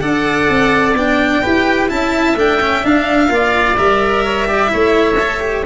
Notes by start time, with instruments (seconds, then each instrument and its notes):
0.00 tuba D4, cello A4, oboe D5, violin F#5
0.49 tuba C4
0.94 tuba B3, cello D4, violin G5
1.42 tuba E4, cello G4, oboe B4
1.89 tuba C#4, cello E4, oboe E5, violin A5
2.35 tuba A3, cello D4, violin G5
2.61 cello C#4
2.83 cello D4, tuba D4, violin F5
3.28 tuba A#3, cello F4, oboe D5
3.77 tuba G3, cello A#4, violin E5
4.24 oboe C#5
4.47 cello G4, oboe D5
4.67 cello E4, oboe C#5
4.73 tuba A3
5.19 cello A4
5.40 cello G4